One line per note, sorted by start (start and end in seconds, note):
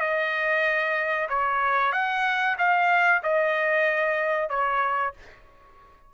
0.00 1.28 D#5
1.29 1.92 C#5
1.92 2.56 F#5
2.58 3.22 F5
3.22 4.49 D#5
4.49 5.13 C#5